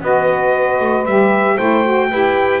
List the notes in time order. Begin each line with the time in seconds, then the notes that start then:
0.00 B3 F#4 B4 D#5
0.79 A3
1.05 G3 G4 E5
1.55 A3 E4 C5 G5
1.84 F#4
2.10 E4 G4 B4